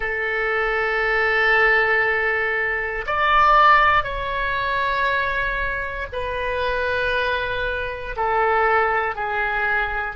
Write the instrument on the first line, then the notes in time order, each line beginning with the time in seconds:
oboe
0.00 A4
3.06 D5
4.03 C#5
6.12 B4
8.16 A4
9.15 G#4